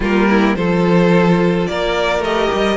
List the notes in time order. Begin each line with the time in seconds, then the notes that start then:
0.00 G3 A#3 F4 A#4
0.29 E4
0.55 F3 F4 A4 C5
1.67 A#3 A#4 D5
2.19 A3 G4 D#5
2.53 G3